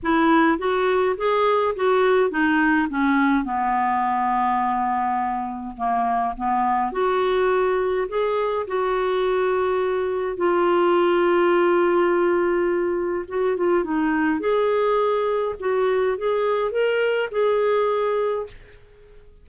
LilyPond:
\new Staff \with { instrumentName = "clarinet" } { \time 4/4 \tempo 4 = 104 e'4 fis'4 gis'4 fis'4 | dis'4 cis'4 b2~ | b2 ais4 b4 | fis'2 gis'4 fis'4~ |
fis'2 f'2~ | f'2. fis'8 f'8 | dis'4 gis'2 fis'4 | gis'4 ais'4 gis'2 | }